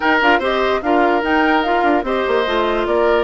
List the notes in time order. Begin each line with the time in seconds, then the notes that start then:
0.00 D#4 A#4 G5
0.21 D4 F4 F5
0.39 C4 G4 C5 D#5
0.82 D4 F4 A#4 F5
1.22 D#4 G5
1.63 F4 F5
1.83 D4
2.02 C4 G4 C5 D#5
2.27 A#3
2.46 A3 F4
2.86 A#3 A#4 D5